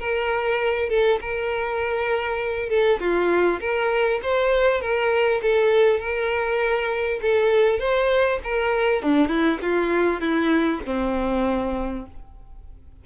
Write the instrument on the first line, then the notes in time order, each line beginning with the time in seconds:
violin
0.00 A#4
0.90 A4
1.22 A#4
2.70 A4
3.00 F4
3.61 A#4
4.23 C5
4.82 A#4
5.43 A4
6.00 A#4
7.22 A4
7.80 C5
8.44 A#4
9.03 D4
9.29 E4
9.62 F4
10.21 E4
10.86 C4